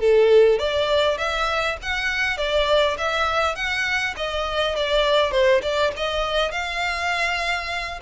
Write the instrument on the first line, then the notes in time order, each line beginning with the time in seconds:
violin
0.00 A4
0.59 D5
1.18 E5
1.82 F#5
2.38 D5
2.98 E5
3.55 F#5
4.17 D#5
4.76 D5
5.32 C5
5.62 D5
5.97 D#5
6.52 F5